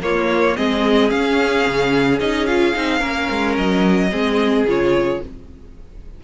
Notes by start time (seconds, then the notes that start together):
0.00 A#3 F4 C#5
0.56 G#3 C4 G#4 D#5
1.09 C#4 F5
1.67 C#3
2.20 C#4 D#4 D#5
2.46 F4 F5
2.74 C4 D#4
2.98 A#3 C#4 A#4
3.30 G#3
3.57 F#3 D#5
4.11 G#3 C4 G#4
4.65 C#3 F4 C#5